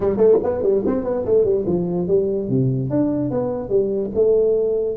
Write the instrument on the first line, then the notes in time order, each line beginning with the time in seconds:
tuba
0.00 G3
0.17 A3
0.43 B3
0.62 G3
0.85 C4
1.04 B3
1.25 A3
1.44 G3
1.66 F3
2.07 G3
2.49 C3
2.90 D4
3.30 B3
3.69 G3
4.14 A3